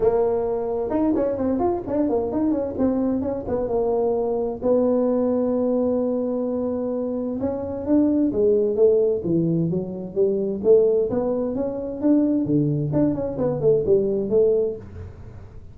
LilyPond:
\new Staff \with { instrumentName = "tuba" } { \time 4/4 \tempo 4 = 130 ais2 dis'8 cis'8 c'8 f'8 | d'8 ais8 dis'8 cis'8 c'4 cis'8 b8 | ais2 b2~ | b1 |
cis'4 d'4 gis4 a4 | e4 fis4 g4 a4 | b4 cis'4 d'4 d4 | d'8 cis'8 b8 a8 g4 a4 | }